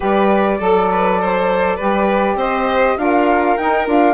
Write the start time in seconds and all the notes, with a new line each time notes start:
0.00 G3 G4 B4 D5
0.59 F#3 A4
0.91 B4
1.21 C5
1.76 G3 G4 B4
2.35 C4 C5 D#5
2.97 D4 F4 A#4 F5
3.56 D#4 G5
3.86 D4 F4 F5